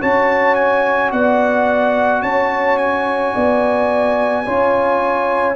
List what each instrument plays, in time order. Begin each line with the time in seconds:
0.00 tuba C#4, trombone F#4, horn C#5, trumpet A5
0.55 trumpet G#5
1.11 tuba B3, horn D5, trumpet F#5
2.22 tuba C#4, horn C#5, trumpet A5
2.77 trumpet G#5
3.34 tuba B3, horn D5
4.46 tuba C#4, trombone F4, horn C#5